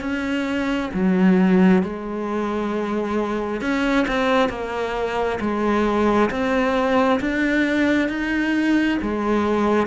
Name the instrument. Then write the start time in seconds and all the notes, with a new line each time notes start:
cello
0.00 C#4
0.93 F#3
1.82 G#3
3.61 C#4
4.07 C4
4.49 A#3
5.40 G#3
6.30 C4
7.20 D4
8.08 D#4
9.02 G#3